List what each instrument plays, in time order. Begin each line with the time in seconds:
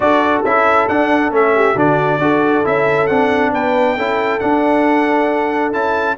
0.00 tuba D4, trombone F#4, horn A4, trumpet D5
0.44 tuba C#4, trombone E4, trumpet E5
0.88 trombone D4, tuba D4, trumpet F#5
1.30 tuba A3, trombone C#4, trumpet E5
1.55 horn G4
1.73 tuba D3, trombone D4, horn F#4, trumpet D5
2.18 tuba D4, trombone F#4, horn A4
2.64 tuba C#4, trombone E4, trumpet E5
3.07 tuba C4, trombone D4, trumpet F#5
3.52 tuba B3, horn B4, trumpet G5
3.96 tuba C#4, trombone E4, horn A4
4.39 trombone D4, tuba D4, trumpet F#5
5.72 tuba C#4, trombone E4, trumpet A5